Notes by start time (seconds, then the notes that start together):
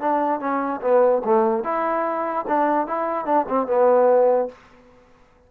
0.00 D4
0.40 C#4
0.81 B3
1.24 A3
1.63 E4
2.47 D4
2.87 E4
3.25 D4
3.48 C4
3.67 B3